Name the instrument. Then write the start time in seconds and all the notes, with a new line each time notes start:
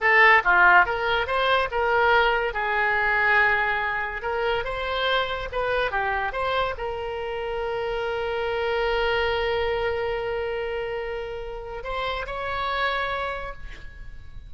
oboe
0.00 A4
0.43 F4
0.85 A#4
1.26 C5
1.71 A#4
2.53 G#4
4.22 A#4
4.64 C5
5.52 B4
5.91 G4
6.32 C5
6.77 A#4
11.83 C5
12.26 C#5